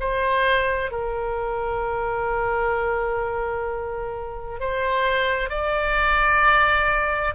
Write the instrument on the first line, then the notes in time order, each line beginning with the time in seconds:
oboe
0.00 C5
0.91 A#4
4.60 C5
5.50 D5